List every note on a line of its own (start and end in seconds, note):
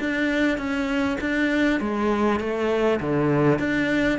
0.00 0.58 D4
0.58 1.18 C#4
1.21 1.81 D4
1.81 2.40 G#3
2.40 3.00 A3
3.01 3.59 D3
3.59 4.19 D4